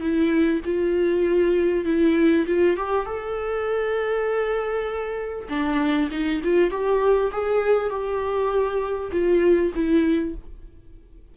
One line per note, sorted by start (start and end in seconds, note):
0.00 0.61 E4
0.65 1.85 F4
1.85 2.46 E4
2.47 2.77 F4
2.77 3.06 G4
3.06 5.48 A4
5.49 6.09 D4
6.11 6.41 D#4
6.44 6.71 F4
6.71 7.31 G4
7.32 7.90 G#4
7.90 9.11 G4
9.12 9.72 F4
9.74 10.35 E4